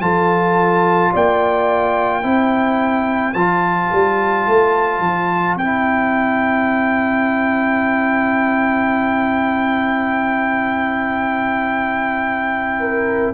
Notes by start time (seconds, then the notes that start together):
0.00 F3 F4 A4 A5
1.12 A#3 D5 G5
2.22 C4 E4 C5
3.34 F3 F4 A5
3.92 G3
4.47 A3
5.00 F3
5.56 C4 E4 G5
12.80 A#4